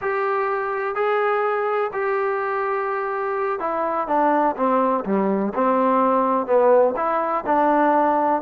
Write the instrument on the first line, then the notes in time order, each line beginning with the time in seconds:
trombone
0.01 G4
0.95 G#4
1.92 G4
3.59 E4
4.07 D4
4.56 C4
5.05 G3
5.54 C4
6.46 B3
6.96 E4
7.46 D4